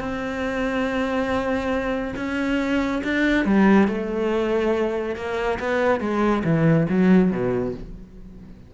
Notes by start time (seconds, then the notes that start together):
0.00 C4
2.16 C#4
3.04 D4
3.45 G3
3.88 A3
5.16 A#3
5.59 B3
6.00 G#3
6.44 E3
6.89 F#3
7.31 B2